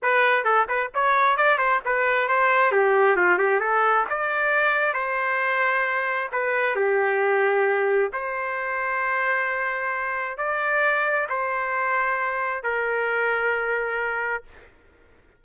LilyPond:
\new Staff \with { instrumentName = "trumpet" } { \time 4/4 \tempo 4 = 133 b'4 a'8 b'8 cis''4 d''8 c''8 | b'4 c''4 g'4 f'8 g'8 | a'4 d''2 c''4~ | c''2 b'4 g'4~ |
g'2 c''2~ | c''2. d''4~ | d''4 c''2. | ais'1 | }